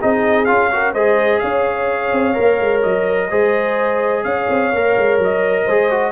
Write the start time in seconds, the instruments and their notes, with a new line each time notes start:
0.00 tuba C4, trombone D#4, horn G#4, trumpet D#5
0.45 tuba C#4, trombone F4, trumpet F5
0.71 trombone F#4, horn A#4
0.93 tuba G#3, trombone G#4, horn C5, trumpet D#5
1.39 tuba C#4, horn C#5, trumpet F5
2.12 tuba C4
2.34 tuba A#3, trombone A#4
2.60 tuba G#3
2.82 tuba F#3, trumpet D#5
3.30 tuba G#3, trombone G#4, horn C5
4.24 tuba C#4, horn C#5, trumpet F5
4.50 tuba C4
4.73 tuba A#3, trombone A#4
4.97 tuba G#3
5.19 tuba F#3, trumpet D#5
5.65 tuba G#3, trombone G#4, horn C5
5.90 trombone F#4